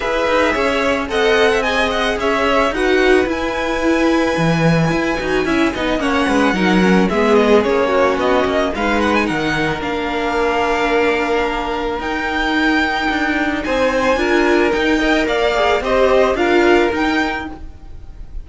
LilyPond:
<<
  \new Staff \with { instrumentName = "violin" } { \time 4/4 \tempo 4 = 110 e''2 fis''4 gis''8 fis''8 | e''4 fis''4 gis''2~ | gis''2. fis''4~ | fis''4 e''8 dis''8 cis''4 dis''4 |
f''8 fis''16 gis''16 fis''4 f''2~ | f''2 g''2~ | g''4 gis''2 g''4 | f''4 dis''4 f''4 g''4 | }
  \new Staff \with { instrumentName = "violin" } { \time 4/4 b'4 cis''4 dis''8. e''16 dis''4 | cis''4 b'2.~ | b'2 e''8 dis''8 cis''8 b'8 | ais'4 gis'4. fis'4. |
b'4 ais'2.~ | ais'1~ | ais'4 c''4 ais'4. dis''8 | d''4 c''4 ais'2 | }
  \new Staff \with { instrumentName = "viola" } { \time 4/4 gis'2 a'4 gis'4~ | gis'4 fis'4 e'2~ | e'4. fis'8 e'8 dis'8 cis'4 | dis'8 cis'8 b4 cis'2 |
dis'2 d'2~ | d'2 dis'2~ | dis'2 f'4 dis'8 ais'8~ | ais'8 gis'8 g'4 f'4 dis'4 | }
  \new Staff \with { instrumentName = "cello" } { \time 4/4 e'8 dis'8 cis'4 c'2 | cis'4 dis'4 e'2 | e4 e'8 dis'8 cis'8 b8 ais8 gis8 | fis4 gis4 ais4 b8 ais8 |
gis4 dis4 ais2~ | ais2 dis'2 | d'4 c'4 d'4 dis'4 | ais4 c'4 d'4 dis'4 | }
>>